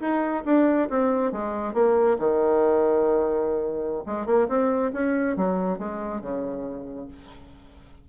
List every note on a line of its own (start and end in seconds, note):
0.00 0.43 D#4
0.45 0.89 D4
0.89 1.32 C4
1.32 1.73 G#3
1.73 2.17 A#3
2.18 4.03 D#3
4.06 4.26 G#3
4.26 4.48 A#3
4.48 4.92 C4
4.93 5.36 C#4
5.36 5.78 F#3
5.78 6.21 G#3
6.21 7.08 C#3